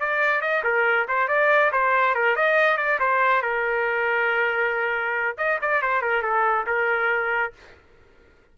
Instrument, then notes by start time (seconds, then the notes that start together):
trumpet
0.00 D5
0.41 D#5
0.64 A#4
1.08 C5
1.28 D5
1.72 C5
2.15 A#4
2.36 D#5
2.77 D5
3.00 C5
3.42 A#4
5.38 D#5
5.62 D5
5.82 C5
6.02 A#4
6.23 A4
6.67 A#4